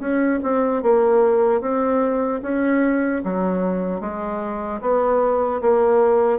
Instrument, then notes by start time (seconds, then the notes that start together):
bassoon
0.00 C#4
0.43 C4
0.83 A#3
1.61 C4
2.42 C#4
3.24 F#3
4.00 G#3
4.81 B3
5.61 A#3